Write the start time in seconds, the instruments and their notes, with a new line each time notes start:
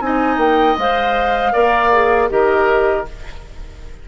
0.00 bassoon C4, clarinet D#4, oboe D#5, flute G#5
0.37 bassoon A#3, flute G5
0.77 bassoon G#3, clarinet C5, flute F5
1.52 bassoon A#3, clarinet A#4, oboe D5
1.92 clarinet G#4
2.29 bassoon D#3, clarinet G4, oboe A#4, flute D#5